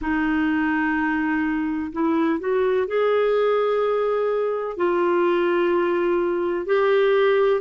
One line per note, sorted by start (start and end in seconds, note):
0.01 1.91 D#4
1.92 2.39 E4
2.39 2.87 F#4
2.87 4.76 G#4
4.76 6.66 F4
6.66 7.61 G4